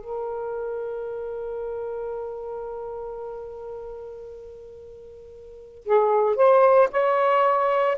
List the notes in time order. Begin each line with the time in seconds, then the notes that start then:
0.00 A#4
5.85 G#4
6.35 C5
6.91 C#5